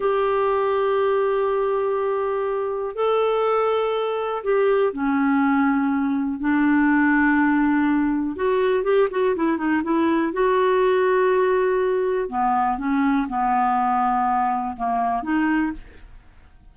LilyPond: \new Staff \with { instrumentName = "clarinet" } { \time 4/4 \tempo 4 = 122 g'1~ | g'2 a'2~ | a'4 g'4 cis'2~ | cis'4 d'2.~ |
d'4 fis'4 g'8 fis'8 e'8 dis'8 | e'4 fis'2.~ | fis'4 b4 cis'4 b4~ | b2 ais4 dis'4 | }